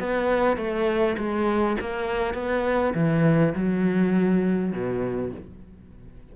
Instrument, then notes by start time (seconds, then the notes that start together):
cello
0.00 B3
0.57 A3
1.18 G#3
1.81 A#3
2.35 B3
2.95 E3
3.55 F#3
4.73 B2